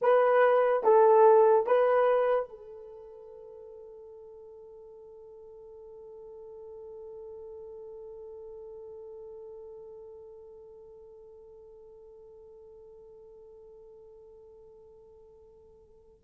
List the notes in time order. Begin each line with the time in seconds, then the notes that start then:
0.01 B4
0.83 A4
1.66 B4
2.49 A4